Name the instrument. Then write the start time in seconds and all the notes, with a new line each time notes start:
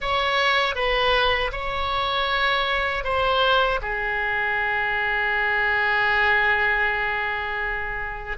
oboe
0.00 C#5
0.75 B4
1.52 C#5
3.04 C5
3.81 G#4